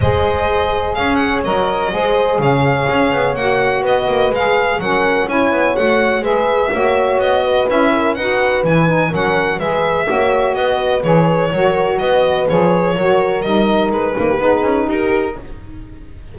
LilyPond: <<
  \new Staff \with { instrumentName = "violin" } { \time 4/4 \tempo 4 = 125 dis''2 f''8 fis''8 dis''4~ | dis''4 f''2 fis''4 | dis''4 f''4 fis''4 gis''4 | fis''4 e''2 dis''4 |
e''4 fis''4 gis''4 fis''4 | e''2 dis''4 cis''4~ | cis''4 dis''4 cis''2 | dis''4 b'2 ais'4 | }
  \new Staff \with { instrumentName = "horn" } { \time 4/4 c''2 cis''2 | c''4 cis''2. | b'2 ais'4 cis''4~ | cis''4 b'4 cis''4. b'8~ |
b'8 ais'8 b'2 ais'4 | b'4 cis''4 b'2 | ais'4 b'2 ais'4~ | ais'4. gis'16 g'16 gis'4 g'4 | }
  \new Staff \with { instrumentName = "saxophone" } { \time 4/4 gis'2. ais'4 | gis'2. fis'4~ | fis'4 gis'4 cis'4 e'4 | fis'4 gis'4 fis'2 |
e'4 fis'4 e'8 dis'8 cis'4 | gis'4 fis'2 gis'4 | fis'2 gis'4 fis'4 | dis'4. dis8 dis'2 | }
  \new Staff \with { instrumentName = "double bass" } { \time 4/4 gis2 cis'4 fis4 | gis4 cis4 cis'8 b8 ais4 | b8 ais8 gis4 fis4 cis'8 b8 | a4 gis4 ais4 b4 |
cis'4 dis'4 e4 fis4 | gis4 ais4 b4 e4 | fis4 b4 f4 fis4 | g4 gis8 ais8 b8 cis'8 dis'4 | }
>>